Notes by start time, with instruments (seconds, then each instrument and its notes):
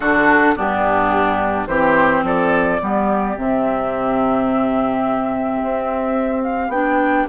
0.00 bassoon D3, clarinet D4, oboe F#4, flute A4
0.56 bassoon G2, clarinet B3, oboe D4, flute G4
1.66 bassoon E3, clarinet C4, oboe G4, flute C5
2.22 bassoon F3, oboe A4, flute D5
2.80 bassoon G3, clarinet B3, oboe G4
3.36 bassoon C3, clarinet C4, flute E5
5.63 bassoon C4
6.43 flute F5
6.68 bassoon B3, clarinet D4, flute G5